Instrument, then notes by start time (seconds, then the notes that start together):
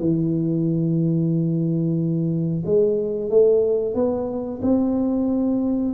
tuba
0.00 E3
2.66 G#3
3.30 A3
3.95 B3
4.62 C4